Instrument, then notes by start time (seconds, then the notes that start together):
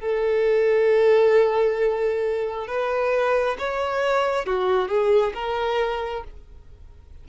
violin
0.00 A4
2.67 B4
3.59 C#5
4.46 F#4
4.88 G#4
5.34 A#4